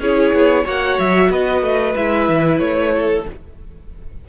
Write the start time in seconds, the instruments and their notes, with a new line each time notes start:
0.00 cello C#4, viola E4, violin G#4 C#5
0.34 cello B3
0.65 cello A#3, viola F#4, violin C#5 F#5
1.00 cello F#3, violin E5
1.30 cello B3, violin B4 D#5
1.62 cello A3
1.96 cello G#3, viola E4, violin E5
2.29 cello E3
2.59 cello A3, violin C#5
2.97 violin A4